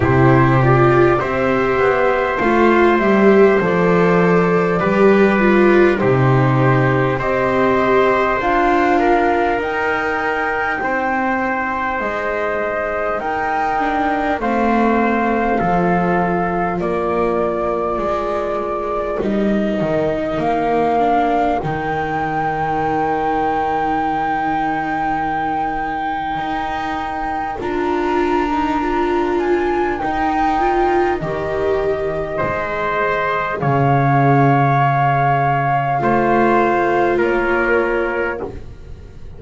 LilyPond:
<<
  \new Staff \with { instrumentName = "flute" } { \time 4/4 \tempo 4 = 50 c''8 d''8 e''4 f''8 e''8 d''4~ | d''4 c''4 dis''4 f''4 | g''2 dis''4 g''4 | f''2 d''2 |
dis''4 f''4 g''2~ | g''2. ais''4~ | ais''8 gis''8 g''4 dis''2 | f''2. cis''4 | }
  \new Staff \with { instrumentName = "trumpet" } { \time 4/4 g'4 c''2. | b'4 g'4 c''4. ais'8~ | ais'4 c''2 ais'4 | c''4 a'4 ais'2~ |
ais'1~ | ais'1~ | ais'2. c''4 | cis''2 c''4 ais'4 | }
  \new Staff \with { instrumentName = "viola" } { \time 4/4 e'8 f'8 g'4 f'8 g'8 a'4 | g'8 f'8 dis'4 g'4 f'4 | dis'2.~ dis'8 d'8 | c'4 f'2. |
dis'4. d'8 dis'2~ | dis'2. f'8. dis'16 | f'4 dis'8 f'8 g'4 gis'4~ | gis'2 f'2 | }
  \new Staff \with { instrumentName = "double bass" } { \time 4/4 c4 c'8 b8 a8 g8 f4 | g4 c4 c'4 d'4 | dis'4 c'4 gis4 dis'4 | a4 f4 ais4 gis4 |
g8 dis8 ais4 dis2~ | dis2 dis'4 d'4~ | d'4 dis'4 dis4 gis4 | cis2 a4 ais4 | }
>>